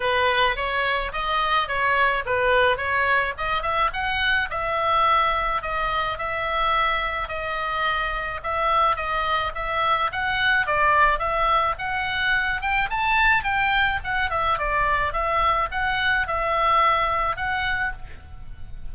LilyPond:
\new Staff \with { instrumentName = "oboe" } { \time 4/4 \tempo 4 = 107 b'4 cis''4 dis''4 cis''4 | b'4 cis''4 dis''8 e''8 fis''4 | e''2 dis''4 e''4~ | e''4 dis''2 e''4 |
dis''4 e''4 fis''4 d''4 | e''4 fis''4. g''8 a''4 | g''4 fis''8 e''8 d''4 e''4 | fis''4 e''2 fis''4 | }